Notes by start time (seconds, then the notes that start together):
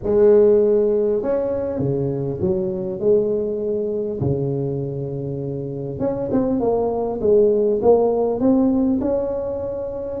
0.03 G#3
1.22 C#4
1.79 C#3
2.40 F#3
2.99 G#3
4.20 C#3
5.99 C#4
6.31 C4
6.59 A#3
7.20 G#3
7.82 A#3
8.40 C4
9.01 C#4